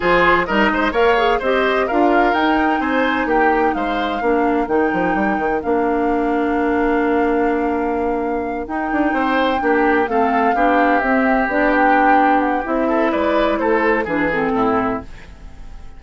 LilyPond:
<<
  \new Staff \with { instrumentName = "flute" } { \time 4/4 \tempo 4 = 128 c''4 dis''4 f''4 dis''4 | f''4 g''4 gis''4 g''4 | f''2 g''2 | f''1~ |
f''2~ f''8 g''4.~ | g''4. f''2 e''8~ | e''8 d''8 g''4. fis''8 e''4 | d''4 c''4 b'8 a'4. | }
  \new Staff \with { instrumentName = "oboe" } { \time 4/4 gis'4 ais'8 c''8 cis''4 c''4 | ais'2 c''4 g'4 | c''4 ais'2.~ | ais'1~ |
ais'2.~ ais'8 c''8~ | c''8 g'4 a'4 g'4.~ | g'2.~ g'8 a'8 | b'4 a'4 gis'4 e'4 | }
  \new Staff \with { instrumentName = "clarinet" } { \time 4/4 f'4 dis'4 ais'8 gis'8 g'4 | f'4 dis'2.~ | dis'4 d'4 dis'2 | d'1~ |
d'2~ d'8 dis'4.~ | dis'8 d'4 c'4 d'4 c'8~ | c'8 d'2~ d'8 e'4~ | e'2 d'8 c'4. | }
  \new Staff \with { instrumentName = "bassoon" } { \time 4/4 f4 g8 gis8 ais4 c'4 | d'4 dis'4 c'4 ais4 | gis4 ais4 dis8 f8 g8 dis8 | ais1~ |
ais2~ ais8 dis'8 d'8 c'8~ | c'8 ais4 a4 b4 c'8~ | c'8 b2~ b8 c'4 | gis4 a4 e4 a,4 | }
>>